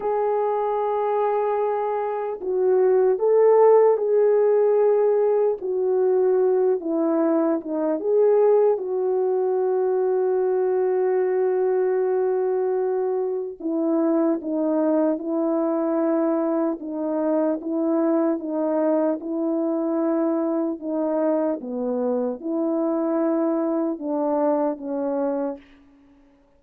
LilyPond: \new Staff \with { instrumentName = "horn" } { \time 4/4 \tempo 4 = 75 gis'2. fis'4 | a'4 gis'2 fis'4~ | fis'8 e'4 dis'8 gis'4 fis'4~ | fis'1~ |
fis'4 e'4 dis'4 e'4~ | e'4 dis'4 e'4 dis'4 | e'2 dis'4 b4 | e'2 d'4 cis'4 | }